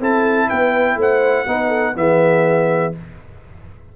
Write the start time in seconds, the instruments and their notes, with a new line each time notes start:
0.00 tuba C4, trombone E4, horn A4, trumpet A5
0.49 tuba B3, horn B4, trumpet G5
0.96 tuba A3, horn C5, trumpet F#5
1.47 tuba B3, trombone D#4, horn B4
1.68 horn A4
1.95 tuba E3, trombone B3, horn G#4, trumpet E5